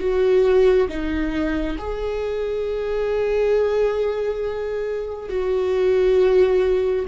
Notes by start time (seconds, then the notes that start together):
0.00 F#4
0.89 D#4
1.78 G#4
5.29 F#4